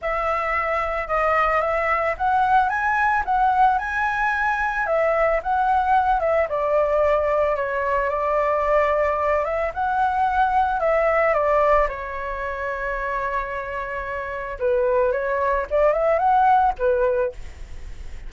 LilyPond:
\new Staff \with { instrumentName = "flute" } { \time 4/4 \tempo 4 = 111 e''2 dis''4 e''4 | fis''4 gis''4 fis''4 gis''4~ | gis''4 e''4 fis''4. e''8 | d''2 cis''4 d''4~ |
d''4. e''8 fis''2 | e''4 d''4 cis''2~ | cis''2. b'4 | cis''4 d''8 e''8 fis''4 b'4 | }